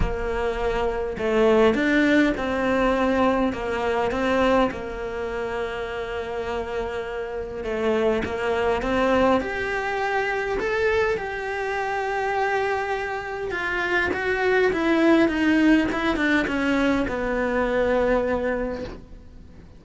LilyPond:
\new Staff \with { instrumentName = "cello" } { \time 4/4 \tempo 4 = 102 ais2 a4 d'4 | c'2 ais4 c'4 | ais1~ | ais4 a4 ais4 c'4 |
g'2 a'4 g'4~ | g'2. f'4 | fis'4 e'4 dis'4 e'8 d'8 | cis'4 b2. | }